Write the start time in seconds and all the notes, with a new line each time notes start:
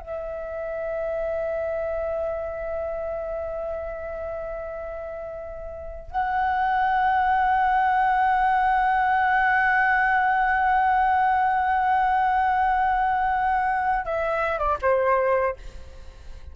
0.00 E5
6.11 F#5
14.05 E5
14.59 D5
14.82 C5